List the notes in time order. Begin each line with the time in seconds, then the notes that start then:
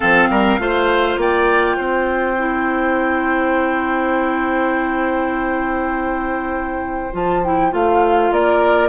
0.00 F3 C4 A4 F5
0.29 G3 A#4
0.59 A3 F4 C5
1.16 A#3 D5 G5
1.76 C4 C5
2.38 E4
7.12 F3 F4 A5
7.44 E4 G5
7.70 A3 F4 F5
8.31 A#3 A#4 D5